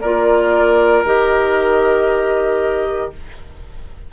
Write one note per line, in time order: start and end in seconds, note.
0.00 1.04 A#3
0.00 1.05 F4
0.00 3.11 A#4
0.00 1.03 D5
1.04 3.11 D#3
1.04 3.12 G4
1.04 3.12 D#5